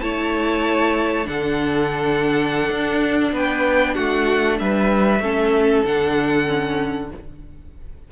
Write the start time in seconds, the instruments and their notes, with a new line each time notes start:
0.00 cello A3, viola E4, violin C#5 A5
1.24 cello D3, viola D4, violin A4 F#5
2.69 cello D4
3.32 cello B3, violin B4 G5
3.94 cello A3, violin F#4 F#5
4.59 cello G3, violin B4 E5
5.19 cello A3, viola C#4, violin A4
5.84 cello D3, viola D4, violin F#5
6.45 viola C#4